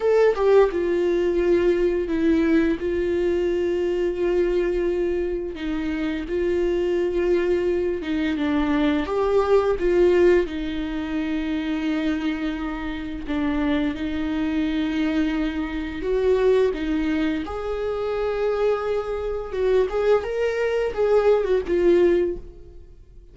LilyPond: \new Staff \with { instrumentName = "viola" } { \time 4/4 \tempo 4 = 86 a'8 g'8 f'2 e'4 | f'1 | dis'4 f'2~ f'8 dis'8 | d'4 g'4 f'4 dis'4~ |
dis'2. d'4 | dis'2. fis'4 | dis'4 gis'2. | fis'8 gis'8 ais'4 gis'8. fis'16 f'4 | }